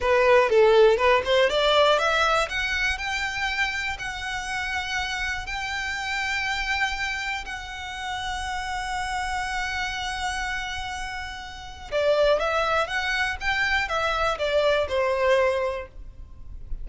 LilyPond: \new Staff \with { instrumentName = "violin" } { \time 4/4 \tempo 4 = 121 b'4 a'4 b'8 c''8 d''4 | e''4 fis''4 g''2 | fis''2. g''4~ | g''2. fis''4~ |
fis''1~ | fis''1 | d''4 e''4 fis''4 g''4 | e''4 d''4 c''2 | }